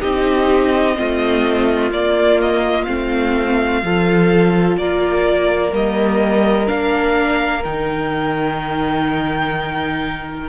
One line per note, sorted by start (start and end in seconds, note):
0.00 0.99 C4
0.00 0.96 D#4
0.00 0.95 G4
0.00 1.91 D#5
0.96 1.91 A3
0.96 1.91 C4
0.96 3.84 F4
1.91 2.87 A#3
1.91 2.40 D5
2.41 2.84 D#5
2.84 3.83 A3
2.84 3.83 C4
2.84 4.75 F5
3.83 4.78 F3
3.83 5.71 F4
3.83 4.79 A4
4.78 5.72 A#3
4.78 10.49 A#4
4.78 5.73 D5
5.71 6.67 G3
5.71 6.66 A#3
5.71 6.68 D#5
6.67 7.65 A#3
6.67 7.62 D4
6.67 7.63 F5
7.64 10.49 D#3
7.64 10.49 D#4
7.64 10.49 G5